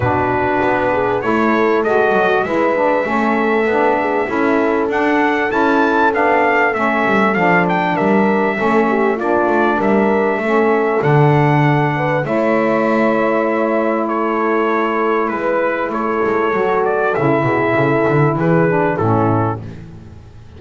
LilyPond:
<<
  \new Staff \with { instrumentName = "trumpet" } { \time 4/4 \tempo 4 = 98 b'2 cis''4 dis''4 | e''1 | fis''4 a''4 f''4 e''4 | f''8 g''8 e''2 d''4 |
e''2 fis''2 | e''2. cis''4~ | cis''4 b'4 cis''4. d''8 | e''2 b'4 a'4 | }
  \new Staff \with { instrumentName = "horn" } { \time 4/4 fis'4. gis'8 a'2 | b'4 a'4. gis'8 a'4~ | a'1~ | a'4 ais'4 a'8 g'8 f'4 |
ais'4 a'2~ a'8 b'8 | cis''2. a'4~ | a'4 b'4 a'2~ | a'8 gis'8 a'4 gis'4 e'4 | }
  \new Staff \with { instrumentName = "saxophone" } { \time 4/4 d'2 e'4 fis'4 | e'8 d'8 cis'4 d'4 e'4 | d'4 e'4 d'4 cis'4 | d'2 cis'4 d'4~ |
d'4 cis'4 d'2 | e'1~ | e'2. fis'4 | e'2~ e'8 d'8 cis'4 | }
  \new Staff \with { instrumentName = "double bass" } { \time 4/4 b,4 b4 a4 gis8 fis8 | gis4 a4 b4 cis'4 | d'4 cis'4 b4 a8 g8 | f4 g4 a4 ais8 a8 |
g4 a4 d2 | a1~ | a4 gis4 a8 gis8 fis4 | cis8 b,8 cis8 d8 e4 a,4 | }
>>